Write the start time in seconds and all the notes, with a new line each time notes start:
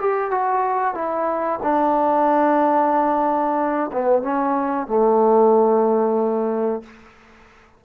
0.00 G4
0.31 F#4
0.95 E4
1.63 D4
3.92 B3
4.22 C#4
4.87 A3